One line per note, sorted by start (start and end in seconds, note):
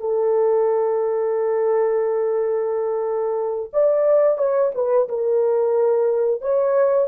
0.00 3.71 A4
3.73 4.38 D5
4.38 4.72 C#5
4.75 5.09 B4
5.09 6.41 A#4
6.41 7.08 C#5